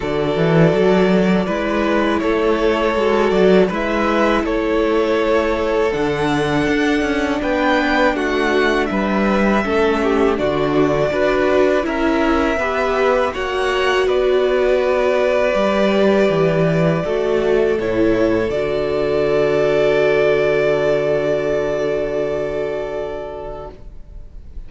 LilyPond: <<
  \new Staff \with { instrumentName = "violin" } { \time 4/4 \tempo 4 = 81 d''2. cis''4~ | cis''8 d''8 e''4 cis''2 | fis''2 g''4 fis''4 | e''2 d''2 |
e''2 fis''4 d''4~ | d''1 | cis''4 d''2.~ | d''1 | }
  \new Staff \with { instrumentName = "violin" } { \time 4/4 a'2 b'4 a'4~ | a'4 b'4 a'2~ | a'2 b'4 fis'4 | b'4 a'8 g'8 fis'4 b'4 |
ais'4 b'4 cis''4 b'4~ | b'2. a'4~ | a'1~ | a'1 | }
  \new Staff \with { instrumentName = "viola" } { \time 4/4 fis'2 e'2 | fis'4 e'2. | d'1~ | d'4 cis'4 d'4 fis'4 |
e'4 g'4 fis'2~ | fis'4 g'2 fis'4 | e'4 fis'2.~ | fis'1 | }
  \new Staff \with { instrumentName = "cello" } { \time 4/4 d8 e8 fis4 gis4 a4 | gis8 fis8 gis4 a2 | d4 d'8 cis'8 b4 a4 | g4 a4 d4 d'4 |
cis'4 b4 ais4 b4~ | b4 g4 e4 a4 | a,4 d2.~ | d1 | }
>>